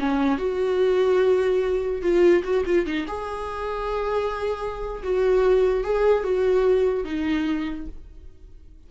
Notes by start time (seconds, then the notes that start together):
0.00 C#4
0.38 F#4
2.02 F4
2.44 F#4
2.66 F4
2.87 D#4
3.08 G#4
5.04 F#4
5.84 G#4
6.24 F#4
7.05 D#4